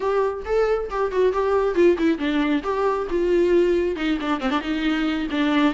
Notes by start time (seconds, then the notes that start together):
0.00 G4
0.45 A4
0.90 G4
1.11 F#4
1.32 G4
1.74 F4
1.98 E4
2.18 D4
2.63 G4
3.09 F4
3.95 D#4
4.20 D4
4.40 C4
4.50 D4
4.61 D#4
5.31 D4